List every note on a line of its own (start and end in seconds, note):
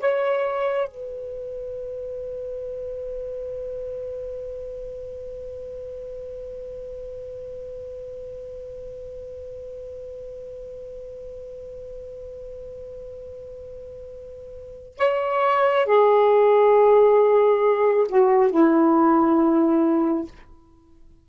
0.00 0.88 C#5
0.88 14.98 B4
14.98 15.85 C#5
15.85 18.06 G#4
18.09 18.51 F#4
18.51 20.27 E4